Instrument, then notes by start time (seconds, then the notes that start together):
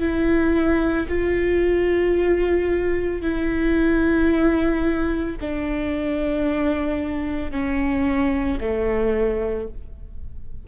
viola
0.00 E4
1.09 F4
3.22 E4
5.41 D4
7.51 C#4
8.61 A3